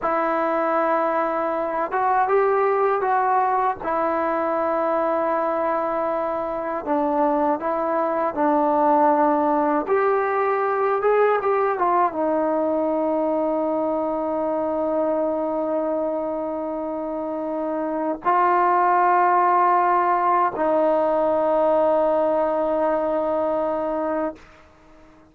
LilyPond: \new Staff \with { instrumentName = "trombone" } { \time 4/4 \tempo 4 = 79 e'2~ e'8 fis'8 g'4 | fis'4 e'2.~ | e'4 d'4 e'4 d'4~ | d'4 g'4. gis'8 g'8 f'8 |
dis'1~ | dis'1 | f'2. dis'4~ | dis'1 | }